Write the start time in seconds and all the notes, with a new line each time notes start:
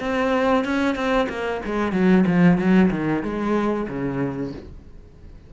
0.00 C4
0.65 C#4
0.95 C4
1.29 A#3
1.65 G#3
1.92 F#3
2.27 F3
2.58 F#3
2.91 D#3
3.23 G#3
3.89 C#3